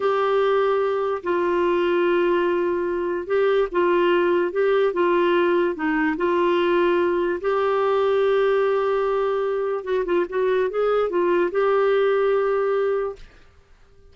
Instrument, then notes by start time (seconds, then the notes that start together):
clarinet
0.00 G4
1.23 F4
3.26 G4
3.71 F4
4.52 G4
4.93 F4
5.75 D#4
6.16 F4
7.40 G4
9.83 F#4
10.05 F4
10.29 F#4
10.70 G#4
11.09 F4
11.51 G4